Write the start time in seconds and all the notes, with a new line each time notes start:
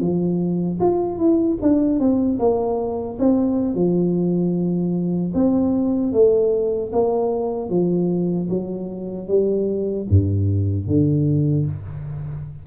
0.00 F3
0.80 F4
1.18 E4
1.62 D4
2.00 C4
2.39 A#3
3.19 C4
3.75 F3
5.34 C4
6.13 A3
6.92 A#3
7.69 F3
8.50 F#3
9.28 G3
10.10 G2
10.87 D3